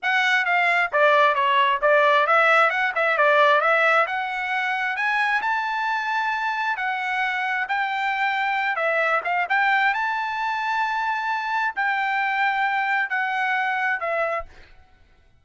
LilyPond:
\new Staff \with { instrumentName = "trumpet" } { \time 4/4 \tempo 4 = 133 fis''4 f''4 d''4 cis''4 | d''4 e''4 fis''8 e''8 d''4 | e''4 fis''2 gis''4 | a''2. fis''4~ |
fis''4 g''2~ g''8 e''8~ | e''8 f''8 g''4 a''2~ | a''2 g''2~ | g''4 fis''2 e''4 | }